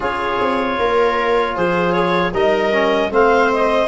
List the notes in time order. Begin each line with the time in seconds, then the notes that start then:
0.00 C#4 F4 G#4 C#5
0.40 C4
0.79 A#3 A#4
1.55 F3 G#4 C5
1.92 C#5
2.33 G3 D#4 A#4 D#5
2.72 C#4
3.10 A3 C4 C5 F5
3.52 D#5